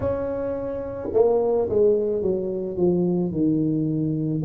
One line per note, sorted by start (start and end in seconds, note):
0.00 1.09 C#4
1.13 1.69 A#3
1.69 2.22 G#3
2.22 2.76 F#3
2.76 3.31 F3
3.31 4.42 D#3